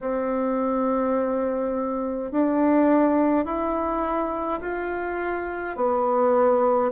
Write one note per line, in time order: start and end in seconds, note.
0.00 2.31 C4
2.31 3.45 D4
3.45 4.60 E4
4.60 5.76 F4
5.76 6.91 B3